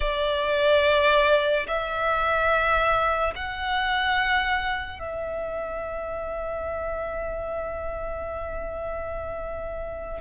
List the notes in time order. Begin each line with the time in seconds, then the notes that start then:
0.00 D5
1.67 E5
3.35 F#5
4.98 E5